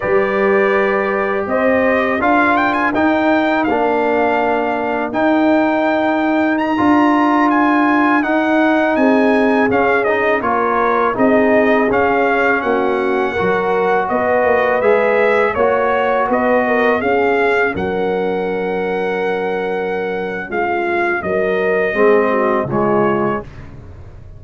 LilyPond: <<
  \new Staff \with { instrumentName = "trumpet" } { \time 4/4 \tempo 4 = 82 d''2 dis''4 f''8 g''16 gis''16 | g''4 f''2 g''4~ | g''4 ais''4~ ais''16 gis''4 fis''8.~ | fis''16 gis''4 f''8 dis''8 cis''4 dis''8.~ |
dis''16 f''4 fis''2 dis''8.~ | dis''16 e''4 cis''4 dis''4 f''8.~ | f''16 fis''2.~ fis''8. | f''4 dis''2 cis''4 | }
  \new Staff \with { instrumentName = "horn" } { \time 4/4 b'2 c''4 ais'4~ | ais'1~ | ais'1~ | ais'16 gis'2 ais'4 gis'8.~ |
gis'4~ gis'16 fis'4 ais'4 b'8.~ | b'4~ b'16 cis''4 b'8 ais'8 gis'8.~ | gis'16 ais'2.~ ais'8. | f'4 ais'4 gis'8 fis'8 f'4 | }
  \new Staff \with { instrumentName = "trombone" } { \time 4/4 g'2. f'4 | dis'4 d'2 dis'4~ | dis'4~ dis'16 f'2 dis'8.~ | dis'4~ dis'16 cis'8 dis'8 f'4 dis'8.~ |
dis'16 cis'2 fis'4.~ fis'16~ | fis'16 gis'4 fis'2 cis'8.~ | cis'1~ | cis'2 c'4 gis4 | }
  \new Staff \with { instrumentName = "tuba" } { \time 4/4 g2 c'4 d'4 | dis'4 ais2 dis'4~ | dis'4~ dis'16 d'2 dis'8.~ | dis'16 c'4 cis'4 ais4 c'8.~ |
c'16 cis'4 ais4 fis4 b8 ais16~ | ais16 gis4 ais4 b4 cis'8.~ | cis'16 fis2.~ fis8. | gis4 fis4 gis4 cis4 | }
>>